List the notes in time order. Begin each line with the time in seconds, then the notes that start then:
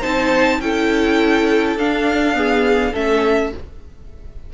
0.00 C4 D#4 C5 A5
0.60 C#4 E4 A4 G5
1.76 D4 F5
2.34 B3 G#4
2.92 A3 C#4 A4 E5